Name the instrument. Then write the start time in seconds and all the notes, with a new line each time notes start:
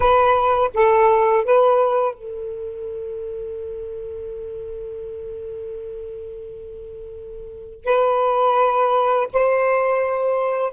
saxophone
0.00 B4
0.73 A4
1.44 B4
2.14 A4
7.84 B4
9.33 C5